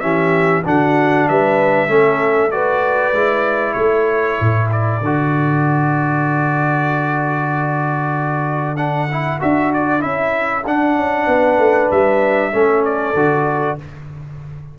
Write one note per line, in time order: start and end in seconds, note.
0.00 0.66 E3
0.00 0.64 C#4
0.00 0.64 G4
0.00 0.62 E5
0.65 1.29 D3
0.65 1.88 D4
0.65 1.29 F#4
0.65 1.28 F#5
1.28 1.88 G3
1.28 1.90 B4
1.28 2.51 E5
1.88 3.13 A3
1.88 2.51 C#4
1.88 2.53 A4
2.51 3.14 F#4
2.51 3.76 B4
2.51 3.73 D5
3.13 3.75 G#3
3.13 5.02 E4
3.73 4.39 A3
3.73 11.26 A4
3.73 4.67 C#5
4.40 5.01 A2
4.72 8.77 D5
5.01 9.38 D3
5.01 8.76 F#4
8.76 9.08 D4
8.76 9.39 F#5
9.11 9.40 E4
9.40 10.04 D4
9.40 10.00 F#4
9.40 9.73 E5
9.73 10.02 D5
10.00 10.66 C#4
10.00 10.62 E4
10.00 10.64 E5
10.66 10.95 D4
10.66 12.52 D4
10.66 11.91 F#5
10.95 11.27 C#4
11.26 11.58 B3
11.26 12.51 B4
11.58 11.89 A3
11.91 12.53 G3
11.91 12.85 E5
12.52 13.14 A3
12.52 13.15 C#4
12.52 13.78 A4
12.85 13.78 D5
13.14 13.77 D3
13.14 13.78 F#4